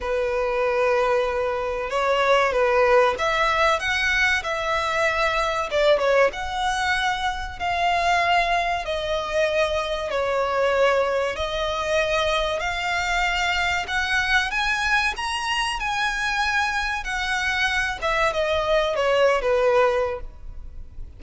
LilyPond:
\new Staff \with { instrumentName = "violin" } { \time 4/4 \tempo 4 = 95 b'2. cis''4 | b'4 e''4 fis''4 e''4~ | e''4 d''8 cis''8 fis''2 | f''2 dis''2 |
cis''2 dis''2 | f''2 fis''4 gis''4 | ais''4 gis''2 fis''4~ | fis''8 e''8 dis''4 cis''8. b'4~ b'16 | }